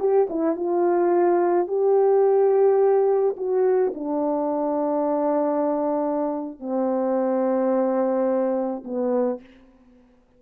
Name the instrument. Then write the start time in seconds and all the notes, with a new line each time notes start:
horn
0.00 G4
0.30 E4
0.57 F4
1.68 G4
3.37 F#4
3.95 D4
6.60 C4
8.85 B3